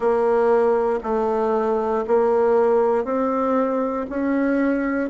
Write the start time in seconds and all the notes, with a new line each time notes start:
0.00 A#3
1.03 A3
2.07 A#3
3.04 C4
4.09 C#4